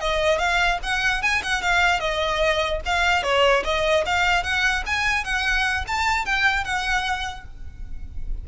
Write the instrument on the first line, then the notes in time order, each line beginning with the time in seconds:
violin
0.00 D#5
0.38 F5
0.83 F#5
1.22 G#5
1.43 F#5
1.62 F5
2.00 D#5
2.85 F5
3.23 C#5
3.64 D#5
4.05 F5
4.43 F#5
4.86 G#5
5.24 F#5
5.87 A5
6.25 G5
6.64 F#5